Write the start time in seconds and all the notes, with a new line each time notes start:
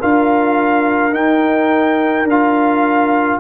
0.00 D4 F4 A#4 F5
1.12 D#4 G5
2.23 D4
2.30 F4 F5